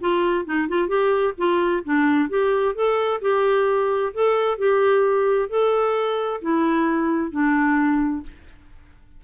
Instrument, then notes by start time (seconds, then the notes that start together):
clarinet
0.00 F4
0.45 D#4
0.68 F4
0.88 G4
1.37 F4
1.84 D4
2.29 G4
2.75 A4
3.21 G4
4.13 A4
4.58 G4
5.49 A4
6.41 E4
7.31 D4